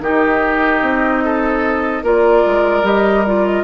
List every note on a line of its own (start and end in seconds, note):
0.00 0.81 D#3
0.00 2.04 D#4
0.00 1.24 G4
0.00 2.05 D#5
0.81 2.03 C4
1.24 2.03 A4
2.03 2.43 A#3
2.03 2.83 F4
2.03 3.63 A#4
2.03 2.85 D5
2.46 2.83 G#3
2.83 3.63 G3
2.83 3.24 G4
2.83 3.26 D#5
3.26 3.63 F4
3.26 3.46 D5
3.46 3.63 D#5